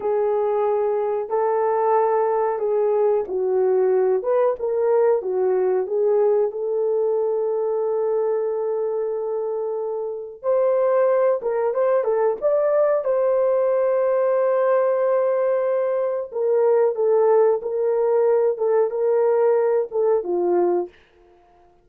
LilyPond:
\new Staff \with { instrumentName = "horn" } { \time 4/4 \tempo 4 = 92 gis'2 a'2 | gis'4 fis'4. b'8 ais'4 | fis'4 gis'4 a'2~ | a'1 |
c''4. ais'8 c''8 a'8 d''4 | c''1~ | c''4 ais'4 a'4 ais'4~ | ais'8 a'8 ais'4. a'8 f'4 | }